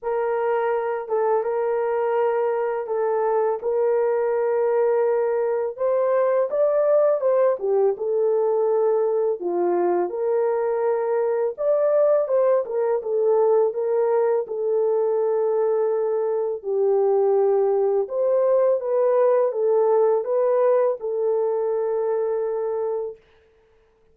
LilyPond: \new Staff \with { instrumentName = "horn" } { \time 4/4 \tempo 4 = 83 ais'4. a'8 ais'2 | a'4 ais'2. | c''4 d''4 c''8 g'8 a'4~ | a'4 f'4 ais'2 |
d''4 c''8 ais'8 a'4 ais'4 | a'2. g'4~ | g'4 c''4 b'4 a'4 | b'4 a'2. | }